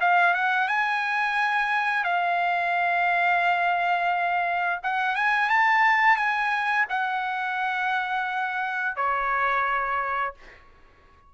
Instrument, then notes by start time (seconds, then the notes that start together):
trumpet
0.00 F5
0.34 F#5
0.67 G#5
2.04 F5
4.83 F#5
5.15 G#5
5.49 A5
6.16 G#5
6.89 F#5
8.96 C#5